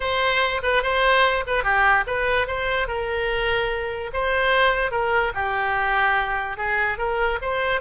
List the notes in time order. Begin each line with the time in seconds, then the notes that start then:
0.00 C5
0.62 B4
0.83 C5
1.46 B4
1.63 G4
2.06 B4
2.47 C5
2.87 A#4
4.13 C5
4.91 A#4
5.34 G4
6.57 G#4
6.98 A#4
7.41 C5